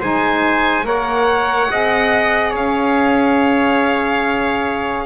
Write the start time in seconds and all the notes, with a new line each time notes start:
0.00 G#3 D#4 C5 G#5
0.84 A#3 A#4 C#5 F#5
1.70 C4 G#4 D#5
2.50 C#4 C#5 F5